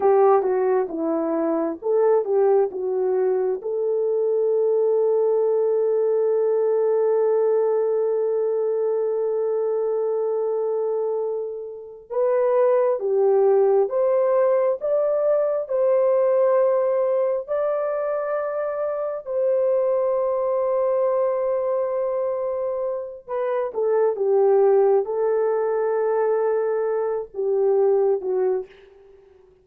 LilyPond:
\new Staff \with { instrumentName = "horn" } { \time 4/4 \tempo 4 = 67 g'8 fis'8 e'4 a'8 g'8 fis'4 | a'1~ | a'1~ | a'4. b'4 g'4 c''8~ |
c''8 d''4 c''2 d''8~ | d''4. c''2~ c''8~ | c''2 b'8 a'8 g'4 | a'2~ a'8 g'4 fis'8 | }